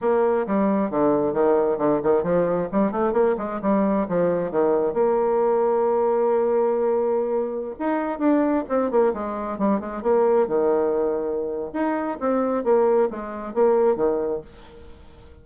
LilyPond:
\new Staff \with { instrumentName = "bassoon" } { \time 4/4 \tempo 4 = 133 ais4 g4 d4 dis4 | d8 dis8 f4 g8 a8 ais8 gis8 | g4 f4 dis4 ais4~ | ais1~ |
ais4~ ais16 dis'4 d'4 c'8 ais16~ | ais16 gis4 g8 gis8 ais4 dis8.~ | dis2 dis'4 c'4 | ais4 gis4 ais4 dis4 | }